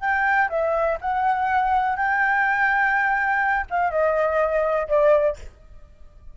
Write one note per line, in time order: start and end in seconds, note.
0.00 0.48 G5
0.49 0.97 E5
1.00 1.96 F#5
1.96 3.65 G5
3.70 3.90 F5
3.90 4.87 D#5
4.87 5.36 D5